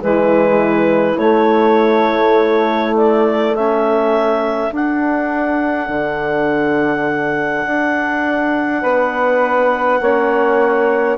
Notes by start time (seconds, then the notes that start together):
0.00 E3 G#3 E4 B4
1.18 A3 C#5
2.97 D5
3.54 C#4 A4 E5
4.72 D4 F#5
5.89 D3
7.66 D4
8.82 B3 B4
10.01 A#3 C#4 C#5